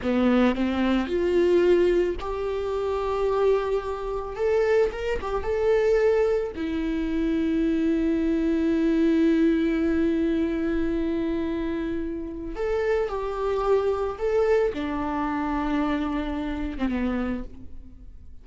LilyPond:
\new Staff \with { instrumentName = "viola" } { \time 4/4 \tempo 4 = 110 b4 c'4 f'2 | g'1 | a'4 ais'8 g'8 a'2 | e'1~ |
e'1~ | e'2. a'4 | g'2 a'4 d'4~ | d'2~ d'8. c'16 b4 | }